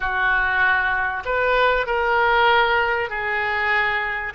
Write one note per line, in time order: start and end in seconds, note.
0.00 1.23 F#4
1.25 1.86 B4
1.86 3.09 A#4
3.09 4.33 G#4